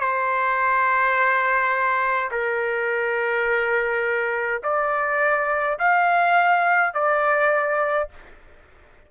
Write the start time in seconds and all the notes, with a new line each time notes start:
0.00 C5
2.31 A#4
4.63 D5
5.78 F5
6.94 D5